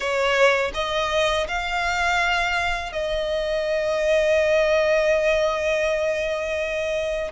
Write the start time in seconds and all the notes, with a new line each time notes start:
0.00 C#5
0.74 D#5
1.48 F5
2.92 D#5